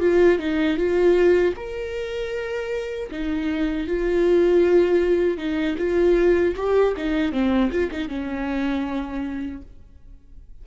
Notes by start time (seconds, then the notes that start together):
0.00 F4
0.38 D#4
0.77 F4
1.56 A#4
3.11 D#4
3.87 F4
5.37 D#4
5.78 F4
6.56 G4
6.97 D#4
7.31 C4
7.71 F4
7.91 D#4
8.08 C#4